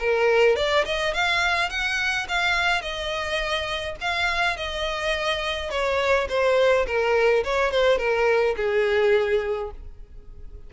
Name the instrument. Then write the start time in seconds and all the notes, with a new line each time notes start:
violin
0.00 A#4
0.56 D5
0.85 D#5
1.14 F5
1.70 F#5
2.29 F5
2.82 D#5
4.01 F5
4.57 D#5
5.71 C#5
6.29 C5
6.87 A#4
7.44 C#5
7.71 C5
7.98 A#4
8.57 G#4